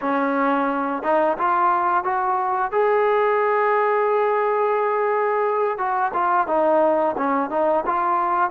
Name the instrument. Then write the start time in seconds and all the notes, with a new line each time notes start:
trombone
0.01 C#4
1.03 D#4
1.38 F4
2.03 F#4
2.71 G#4
5.78 F#4
6.13 F4
6.47 D#4
7.17 C#4
7.50 D#4
7.86 F4